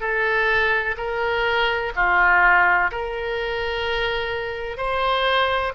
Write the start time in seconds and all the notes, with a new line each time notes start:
0.00 A4
0.97 A#4
1.95 F4
2.91 A#4
4.77 C5